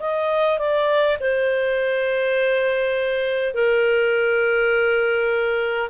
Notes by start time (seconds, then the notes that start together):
0.00 D#5
0.59 D5
1.20 C5
3.55 A#4